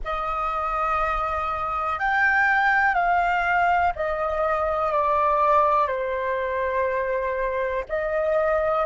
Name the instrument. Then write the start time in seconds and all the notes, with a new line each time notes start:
flute
0.04 D#5
1.99 G5
2.94 F5
3.95 D#5
4.92 D5
5.87 C5
7.88 D#5